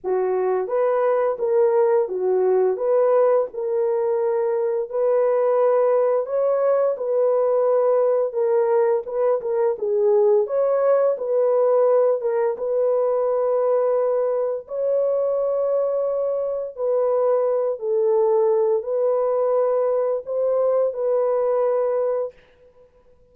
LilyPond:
\new Staff \with { instrumentName = "horn" } { \time 4/4 \tempo 4 = 86 fis'4 b'4 ais'4 fis'4 | b'4 ais'2 b'4~ | b'4 cis''4 b'2 | ais'4 b'8 ais'8 gis'4 cis''4 |
b'4. ais'8 b'2~ | b'4 cis''2. | b'4. a'4. b'4~ | b'4 c''4 b'2 | }